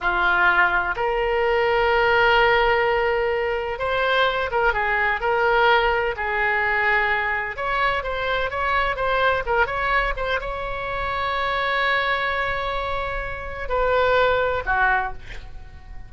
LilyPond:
\new Staff \with { instrumentName = "oboe" } { \time 4/4 \tempo 4 = 127 f'2 ais'2~ | ais'1 | c''4. ais'8 gis'4 ais'4~ | ais'4 gis'2. |
cis''4 c''4 cis''4 c''4 | ais'8 cis''4 c''8 cis''2~ | cis''1~ | cis''4 b'2 fis'4 | }